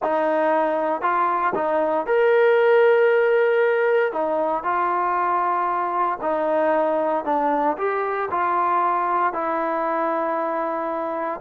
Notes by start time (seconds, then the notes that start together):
0.03 D#4
1.01 F4
1.54 D#4
2.06 A#4
4.12 D#4
4.63 F4
6.21 D#4
7.25 D4
7.77 G4
8.30 F4
9.33 E4